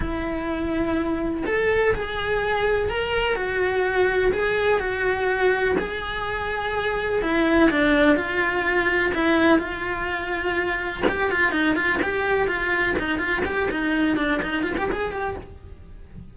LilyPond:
\new Staff \with { instrumentName = "cello" } { \time 4/4 \tempo 4 = 125 e'2. a'4 | gis'2 ais'4 fis'4~ | fis'4 gis'4 fis'2 | gis'2. e'4 |
d'4 f'2 e'4 | f'2. g'8 f'8 | dis'8 f'8 g'4 f'4 dis'8 f'8 | g'8 dis'4 d'8 dis'8 f'16 g'16 gis'8 g'8 | }